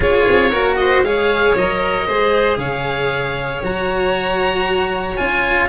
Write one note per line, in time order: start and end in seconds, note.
0.00 0.26 C#4
0.00 0.51 F4
0.00 0.50 G#4
0.00 0.76 C#5
0.27 0.53 C4
0.50 1.02 A#3
0.50 1.04 F#4
0.50 0.76 A#4
0.76 1.06 C5
0.76 1.01 D#5
1.02 1.54 G#3
1.02 1.56 G#4
1.02 2.06 C#5
1.02 1.55 F5
1.55 2.07 F#3
1.55 2.08 A#4
1.55 2.57 D#5
2.06 2.56 G#3
2.06 3.63 G#4
2.06 2.58 C5
2.56 3.60 C#3
2.56 5.68 C#5
2.56 3.61 F5
3.62 5.17 F#3
3.62 5.17 F#4
3.62 5.16 A#5
5.16 5.68 C#4
5.16 5.68 F4
5.16 5.68 G#5